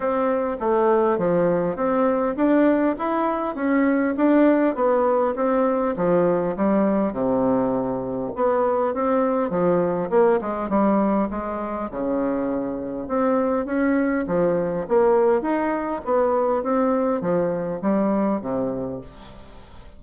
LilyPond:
\new Staff \with { instrumentName = "bassoon" } { \time 4/4 \tempo 4 = 101 c'4 a4 f4 c'4 | d'4 e'4 cis'4 d'4 | b4 c'4 f4 g4 | c2 b4 c'4 |
f4 ais8 gis8 g4 gis4 | cis2 c'4 cis'4 | f4 ais4 dis'4 b4 | c'4 f4 g4 c4 | }